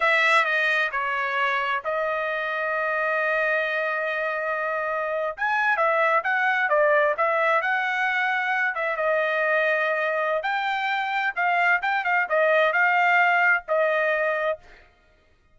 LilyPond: \new Staff \with { instrumentName = "trumpet" } { \time 4/4 \tempo 4 = 132 e''4 dis''4 cis''2 | dis''1~ | dis''2.~ dis''8. gis''16~ | gis''8. e''4 fis''4 d''4 e''16~ |
e''8. fis''2~ fis''8 e''8 dis''16~ | dis''2. g''4~ | g''4 f''4 g''8 f''8 dis''4 | f''2 dis''2 | }